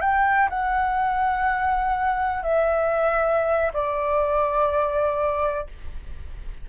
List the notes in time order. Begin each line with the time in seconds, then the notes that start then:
0.00 G5
0.49 F#5
2.42 E5
3.73 D5